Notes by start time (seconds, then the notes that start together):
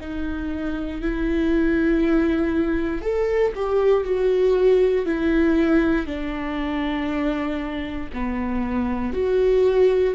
0.00 D#4
1.01 E4
3.01 A4
3.55 G4
4.04 F#4
5.05 E4
6.06 D4
8.13 B3
9.13 F#4